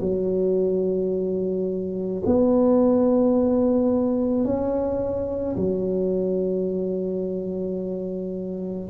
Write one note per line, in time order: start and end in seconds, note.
0.00 2.22 F#3
2.26 4.44 B3
4.44 5.56 C#4
5.56 8.89 F#3